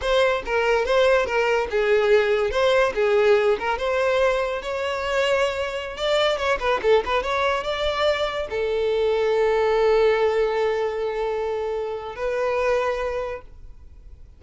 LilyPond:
\new Staff \with { instrumentName = "violin" } { \time 4/4 \tempo 4 = 143 c''4 ais'4 c''4 ais'4 | gis'2 c''4 gis'4~ | gis'8 ais'8 c''2 cis''4~ | cis''2~ cis''16 d''4 cis''8 b'16~ |
b'16 a'8 b'8 cis''4 d''4.~ d''16~ | d''16 a'2.~ a'8.~ | a'1~ | a'4 b'2. | }